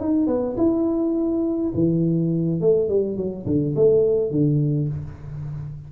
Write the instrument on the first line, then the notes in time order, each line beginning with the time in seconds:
tuba
0.00 D#4
0.27 B3
0.57 E4
1.74 E3
2.61 A3
2.88 G3
3.17 F#3
3.46 D3
3.76 A3
4.31 D3